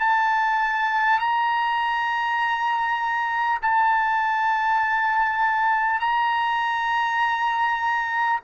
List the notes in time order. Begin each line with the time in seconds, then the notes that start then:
0.00 A5
1.19 A#5
3.62 A5
6.00 A#5